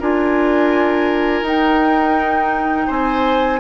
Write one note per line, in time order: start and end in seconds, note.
0.00 1.42 D4
0.00 1.44 F4
0.00 2.87 A#4
0.00 1.46 G#5
1.42 2.87 D#4
1.42 3.60 D#4
1.42 2.91 G5
2.87 3.60 C4
2.87 3.59 C5
2.87 3.60 G#5